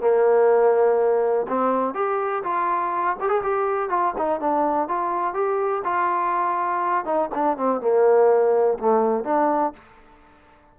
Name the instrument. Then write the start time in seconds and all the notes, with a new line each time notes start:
trombone
0.00 A#3
1.48 C4
1.94 G4
2.43 F4
3.20 G4
3.29 G#4
3.43 G4
3.89 F4
4.18 D#4
4.40 D4
4.88 F4
5.34 G4
5.84 F4
7.05 D#4
7.34 D4
7.57 C4
7.80 A#3
8.78 A3
9.24 D4